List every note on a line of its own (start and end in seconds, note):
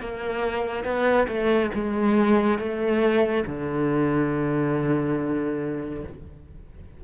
0.00 0.84 A#3
0.84 1.27 B3
1.27 1.70 A3
1.74 2.58 G#3
2.58 3.44 A3
3.46 6.04 D3